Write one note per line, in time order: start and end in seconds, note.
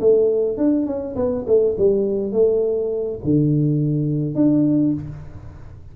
0.00 0.57 A3
0.57 0.86 D4
0.86 1.15 C#4
1.16 1.45 B3
1.47 1.76 A3
1.78 2.32 G3
2.32 3.19 A3
3.24 4.35 D3
4.35 4.93 D4